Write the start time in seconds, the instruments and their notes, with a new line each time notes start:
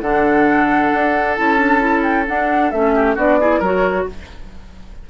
0.00 bassoon D3, clarinet D4, oboe A4, flute F#5
0.93 bassoon D4
1.34 bassoon C#4, clarinet E4, flute A5
1.57 clarinet D4
1.79 clarinet E4
2.02 flute G5
2.28 clarinet D4, bassoon D4, flute F#5
2.71 bassoon A3, clarinet C#4, flute E5
2.95 oboe G4
3.15 bassoon B3, clarinet D4, oboe F#4, flute D5
3.40 clarinet E4, oboe G#4
3.59 bassoon F#3, clarinet F#4, oboe A#4, flute C#5